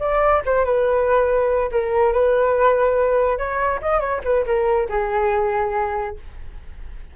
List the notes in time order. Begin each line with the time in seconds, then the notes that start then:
0.00 D5
0.46 C5
0.65 B4
1.72 A#4
2.13 B4
3.38 C#5
3.81 D#5
4.00 C#5
4.24 B4
4.46 A#4
4.90 G#4